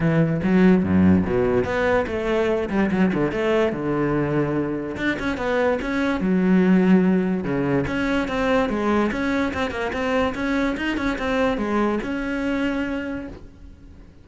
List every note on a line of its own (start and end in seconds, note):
0.00 0.40 E3
0.43 0.83 F#3
0.83 1.25 F#2
1.26 1.64 B2
1.64 2.05 B3
2.07 2.69 A3
2.69 2.90 G3
2.91 3.11 F#3
3.13 3.31 D3
3.31 3.72 A3
3.72 4.96 D3
4.96 5.17 D4
5.19 5.37 C#4
5.37 5.78 B3
5.81 6.20 C#4
6.20 7.44 F#3
7.44 7.85 C#3
7.87 8.28 C#4
8.28 8.69 C4
8.69 9.10 G#3
9.11 9.53 C#4
9.53 9.70 C4
9.70 9.91 A#3
9.92 10.34 C4
10.34 10.76 C#4
10.76 10.97 D#4
10.97 11.17 C#4
11.18 11.57 C4
11.57 11.99 G#3
12.03 13.27 C#4